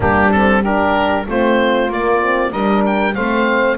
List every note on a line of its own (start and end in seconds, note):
0.00 1.26 G3
0.00 0.30 A#3
0.00 0.61 D4
0.00 0.31 G4
0.31 0.63 C4
0.31 0.62 A4
0.61 1.26 D4
0.61 1.24 G4
0.61 1.27 A#4
1.25 1.88 A3
1.25 1.90 C4
1.25 2.51 F4
1.25 1.92 C5
1.88 2.51 A#3
1.88 2.20 A#3
1.88 2.52 D5
2.20 2.52 C4
2.51 3.15 G3
2.51 3.15 D4
2.51 3.14 A#4
2.51 2.83 D#5
2.86 3.14 G5
3.14 3.77 A3
3.14 3.77 C4
3.14 3.77 C5
3.14 3.77 F5